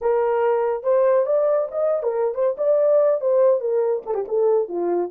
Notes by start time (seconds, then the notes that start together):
0.01 A#4
0.83 C5
1.26 D5
1.71 D#5
2.03 A#4
2.34 C5
2.57 D5
3.20 C5
3.60 A#4
4.06 A4
4.14 G4
4.27 A4
4.68 F4